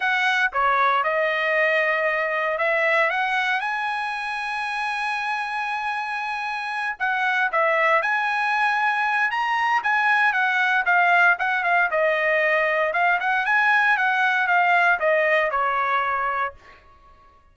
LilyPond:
\new Staff \with { instrumentName = "trumpet" } { \time 4/4 \tempo 4 = 116 fis''4 cis''4 dis''2~ | dis''4 e''4 fis''4 gis''4~ | gis''1~ | gis''4. fis''4 e''4 gis''8~ |
gis''2 ais''4 gis''4 | fis''4 f''4 fis''8 f''8 dis''4~ | dis''4 f''8 fis''8 gis''4 fis''4 | f''4 dis''4 cis''2 | }